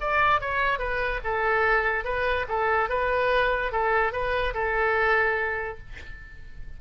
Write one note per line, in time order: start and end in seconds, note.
0.00 0.40 D5
0.40 0.78 C#5
0.78 1.20 B4
1.24 2.04 A4
2.04 2.46 B4
2.48 2.89 A4
2.89 3.71 B4
3.72 4.12 A4
4.12 4.53 B4
4.54 5.78 A4